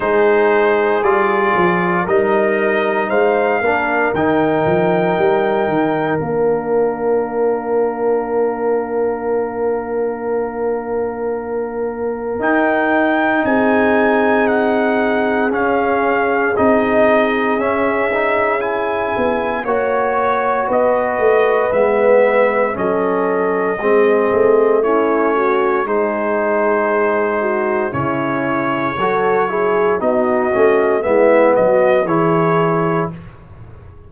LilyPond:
<<
  \new Staff \with { instrumentName = "trumpet" } { \time 4/4 \tempo 4 = 58 c''4 d''4 dis''4 f''4 | g''2 f''2~ | f''1 | g''4 gis''4 fis''4 f''4 |
dis''4 e''4 gis''4 cis''4 | dis''4 e''4 dis''2 | cis''4 c''2 cis''4~ | cis''4 dis''4 e''8 dis''8 cis''4 | }
  \new Staff \with { instrumentName = "horn" } { \time 4/4 gis'2 ais'4 c''8 ais'8~ | ais'1~ | ais'1~ | ais'4 gis'2.~ |
gis'2. cis''4 | b'2 a'4 gis'4 | e'8 fis'8 gis'4. fis'8 e'4 | a'8 gis'8 fis'4 e'8 fis'8 gis'4 | }
  \new Staff \with { instrumentName = "trombone" } { \time 4/4 dis'4 f'4 dis'4. d'8 | dis'2 d'2~ | d'1 | dis'2. cis'4 |
dis'4 cis'8 dis'8 e'4 fis'4~ | fis'4 b4 cis'4 c'4 | cis'4 dis'2 cis'4 | fis'8 e'8 dis'8 cis'8 b4 e'4 | }
  \new Staff \with { instrumentName = "tuba" } { \time 4/4 gis4 g8 f8 g4 gis8 ais8 | dis8 f8 g8 dis8 ais2~ | ais1 | dis'4 c'2 cis'4 |
c'4 cis'4. b8 ais4 | b8 a8 gis4 fis4 gis8 a8~ | a4 gis2 cis4 | fis4 b8 a8 gis8 fis8 e4 | }
>>